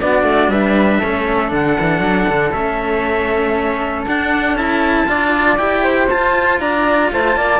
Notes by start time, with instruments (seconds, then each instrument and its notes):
0.00 cello B3 D4, flute F#4, trumpet D5
0.22 cello A3
0.48 cello G3, flute B4, trumpet E5
0.98 cello A3 C#4, flute A4
1.48 cello D3 D4, trumpet F#5
1.79 cello E3
1.99 cello F#3
2.28 cello D3
2.52 cello A3 C#4, trumpet E5
4.06 cello D4, trumpet F#5
4.52 cello C#4 E4, trumpet A5
5.06 cello D4 F4, flute D5
5.57 cello E4 G4, trumpet G5
5.83 flute C5
6.09 cello F4, trumpet A5
6.60 cello D4, flute D5, trumpet A#5
7.11 cello A3, flute C5, trumpet A5
7.35 cello A#3, flute D5